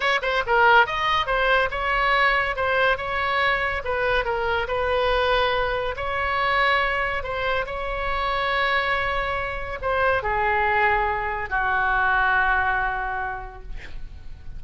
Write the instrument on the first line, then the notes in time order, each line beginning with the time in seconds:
oboe
0.00 C#5
0.21 C5
0.46 A#4
0.86 D#5
1.26 C5
1.70 C#5
2.56 C5
2.97 C#5
3.84 B4
4.24 A#4
4.67 B4
5.96 C#5
7.23 C5
7.66 C#5
9.81 C5
10.22 G#4
11.49 F#4